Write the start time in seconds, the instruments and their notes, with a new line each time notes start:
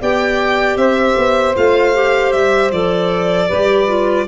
0.00 tuba B3, clarinet G4, saxophone D5, violin G5
0.76 tuba C4, saxophone C5, violin E5
1.17 tuba B3
1.55 tuba A3, clarinet F4, violin F5
1.94 clarinet G4
2.32 tuba G3, violin E5
2.71 tuba F3, clarinet A4, violin D5
3.48 tuba G3, clarinet G4, saxophone B4
3.87 clarinet F4